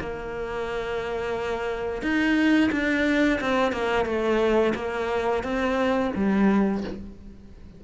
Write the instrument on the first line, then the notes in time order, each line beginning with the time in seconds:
cello
0.00 A#3
2.02 D#4
2.71 D4
3.40 C4
3.72 A#3
4.05 A3
4.75 A#3
5.43 C4
6.15 G3